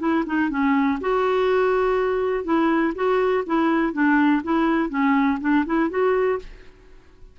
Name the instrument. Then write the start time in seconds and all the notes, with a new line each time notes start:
clarinet
0.00 E4
0.26 D#4
0.50 C#4
1.01 F#4
2.45 E4
2.96 F#4
3.47 E4
3.93 D4
4.44 E4
4.90 C#4
5.41 D4
5.66 E4
5.90 F#4